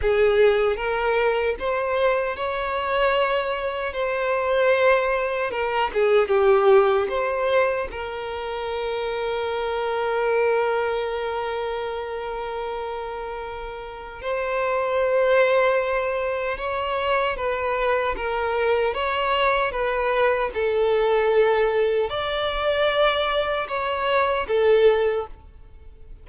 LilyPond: \new Staff \with { instrumentName = "violin" } { \time 4/4 \tempo 4 = 76 gis'4 ais'4 c''4 cis''4~ | cis''4 c''2 ais'8 gis'8 | g'4 c''4 ais'2~ | ais'1~ |
ais'2 c''2~ | c''4 cis''4 b'4 ais'4 | cis''4 b'4 a'2 | d''2 cis''4 a'4 | }